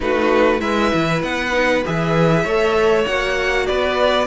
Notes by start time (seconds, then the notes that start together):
0.00 A3 D#4 F#4 B4
0.59 G#3 E4 B4 E5
0.93 E3
1.22 B3 F#5
1.52 D#4
1.84 E3 G#4 E5
2.43 A3 A4 C#5
3.06 A#3 F#4 F#5
3.66 B3 B4 D5